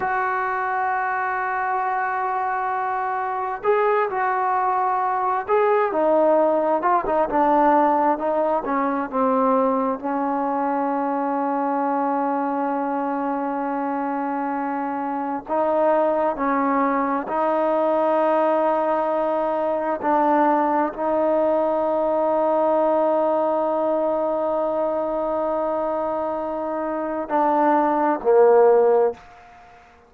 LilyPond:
\new Staff \with { instrumentName = "trombone" } { \time 4/4 \tempo 4 = 66 fis'1 | gis'8 fis'4. gis'8 dis'4 f'16 dis'16 | d'4 dis'8 cis'8 c'4 cis'4~ | cis'1~ |
cis'4 dis'4 cis'4 dis'4~ | dis'2 d'4 dis'4~ | dis'1~ | dis'2 d'4 ais4 | }